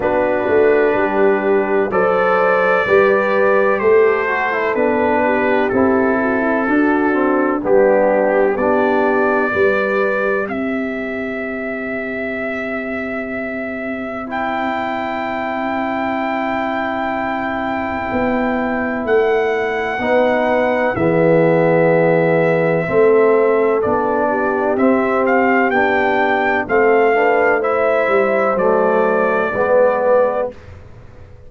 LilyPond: <<
  \new Staff \with { instrumentName = "trumpet" } { \time 4/4 \tempo 4 = 63 b'2 d''2 | c''4 b'4 a'2 | g'4 d''2 e''4~ | e''2. g''4~ |
g''1 | fis''2 e''2~ | e''4 d''4 e''8 f''8 g''4 | f''4 e''4 d''2 | }
  \new Staff \with { instrumentName = "horn" } { \time 4/4 fis'4 g'4 c''4 b'4 | a'4. g'4 fis'16 e'16 fis'4 | d'4 g'4 b'4 c''4~ | c''1~ |
c''1~ | c''4 b'4 gis'2 | a'4. g'2~ g'8 | a'8 b'8 c''2 b'4 | }
  \new Staff \with { instrumentName = "trombone" } { \time 4/4 d'2 a'4 g'4~ | g'8 fis'16 e'16 d'4 e'4 d'8 c'8 | b4 d'4 g'2~ | g'2. e'4~ |
e'1~ | e'4 dis'4 b2 | c'4 d'4 c'4 d'4 | c'8 d'8 e'4 a4 b4 | }
  \new Staff \with { instrumentName = "tuba" } { \time 4/4 b8 a8 g4 fis4 g4 | a4 b4 c'4 d'4 | g4 b4 g4 c'4~ | c'1~ |
c'2. b4 | a4 b4 e2 | a4 b4 c'4 b4 | a4. g8 fis4 gis4 | }
>>